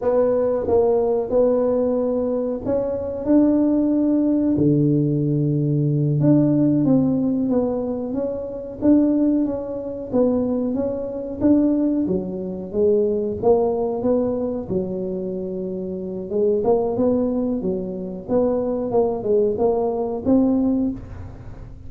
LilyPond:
\new Staff \with { instrumentName = "tuba" } { \time 4/4 \tempo 4 = 92 b4 ais4 b2 | cis'4 d'2 d4~ | d4. d'4 c'4 b8~ | b8 cis'4 d'4 cis'4 b8~ |
b8 cis'4 d'4 fis4 gis8~ | gis8 ais4 b4 fis4.~ | fis4 gis8 ais8 b4 fis4 | b4 ais8 gis8 ais4 c'4 | }